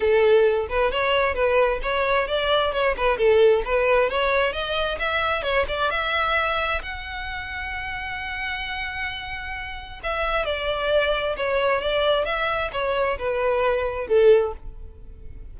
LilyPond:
\new Staff \with { instrumentName = "violin" } { \time 4/4 \tempo 4 = 132 a'4. b'8 cis''4 b'4 | cis''4 d''4 cis''8 b'8 a'4 | b'4 cis''4 dis''4 e''4 | cis''8 d''8 e''2 fis''4~ |
fis''1~ | fis''2 e''4 d''4~ | d''4 cis''4 d''4 e''4 | cis''4 b'2 a'4 | }